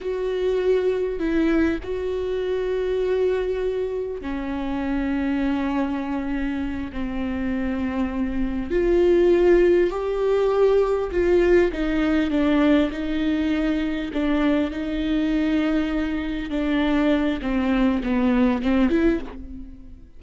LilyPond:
\new Staff \with { instrumentName = "viola" } { \time 4/4 \tempo 4 = 100 fis'2 e'4 fis'4~ | fis'2. cis'4~ | cis'2.~ cis'8 c'8~ | c'2~ c'8 f'4.~ |
f'8 g'2 f'4 dis'8~ | dis'8 d'4 dis'2 d'8~ | d'8 dis'2. d'8~ | d'4 c'4 b4 c'8 e'8 | }